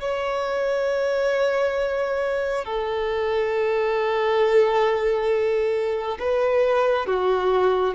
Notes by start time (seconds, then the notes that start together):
0.00 C#5
2.65 A4
6.19 B4
7.06 F#4